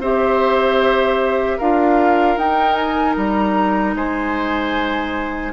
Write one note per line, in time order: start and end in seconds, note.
0.00 1.58 C4
0.00 1.61 G4
0.00 1.58 C5
0.00 1.59 E5
1.58 2.37 D4
1.58 2.39 F4
1.58 3.95 A#4
1.58 2.38 F5
2.37 3.16 D#4
2.37 5.53 D#4
2.37 2.75 G5
2.75 3.14 G#5
3.16 3.95 G3
3.16 3.95 A#5
3.95 5.53 G#3
3.95 5.53 C5
3.95 5.53 G#5